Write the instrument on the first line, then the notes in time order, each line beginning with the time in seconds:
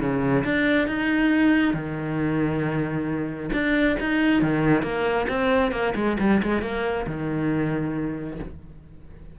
cello
0.00 C#3
0.45 D4
0.88 D#4
1.74 D#3
3.53 D4
4.00 D#4
4.42 D#3
4.83 A#3
5.29 C4
5.72 A#3
5.95 G#3
6.20 G3
6.43 G#3
6.62 A#3
7.07 D#3